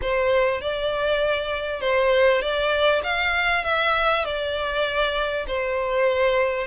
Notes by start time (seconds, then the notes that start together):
0.01 C5
0.61 D5
1.80 C5
2.41 D5
3.03 F5
3.64 E5
4.24 D5
5.47 C5